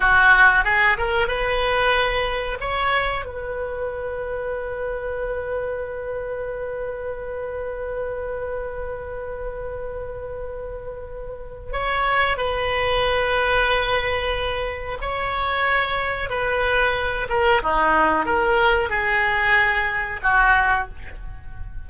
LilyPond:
\new Staff \with { instrumentName = "oboe" } { \time 4/4 \tempo 4 = 92 fis'4 gis'8 ais'8 b'2 | cis''4 b'2.~ | b'1~ | b'1~ |
b'2 cis''4 b'4~ | b'2. cis''4~ | cis''4 b'4. ais'8 dis'4 | ais'4 gis'2 fis'4 | }